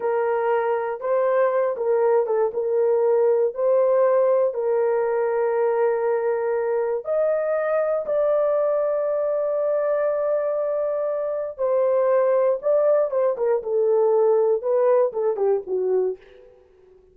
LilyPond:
\new Staff \with { instrumentName = "horn" } { \time 4/4 \tempo 4 = 119 ais'2 c''4. ais'8~ | ais'8 a'8 ais'2 c''4~ | c''4 ais'2.~ | ais'2 dis''2 |
d''1~ | d''2. c''4~ | c''4 d''4 c''8 ais'8 a'4~ | a'4 b'4 a'8 g'8 fis'4 | }